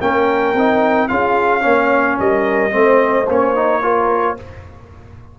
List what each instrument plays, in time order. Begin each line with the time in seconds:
0.00 tuba A#3, trombone C#4, horn A#4, trumpet G5
0.54 tuba C4, trombone D#4
1.08 tuba C#4, trombone F4, horn G#4, trumpet F5
1.61 tuba A#3, trombone C#4, horn C#5
2.19 tuba G3, horn A#4, trumpet D#5
2.70 tuba A3, trombone C4, horn C5
3.28 tuba A#3, trombone C#4, trumpet C#5
3.55 trombone D#4
3.82 trombone F4, horn A#4